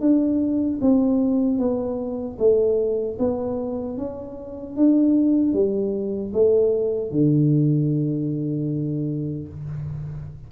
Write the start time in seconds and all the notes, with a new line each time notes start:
0.00 D4
0.81 C4
1.59 B3
2.38 A3
3.19 B3
3.98 C#4
4.76 D4
5.53 G3
6.33 A3
7.11 D3